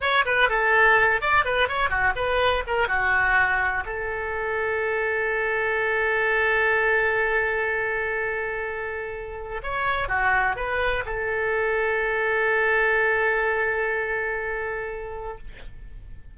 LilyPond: \new Staff \with { instrumentName = "oboe" } { \time 4/4 \tempo 4 = 125 cis''8 b'8 a'4. d''8 b'8 cis''8 | fis'8 b'4 ais'8 fis'2 | a'1~ | a'1~ |
a'1 | cis''4 fis'4 b'4 a'4~ | a'1~ | a'1 | }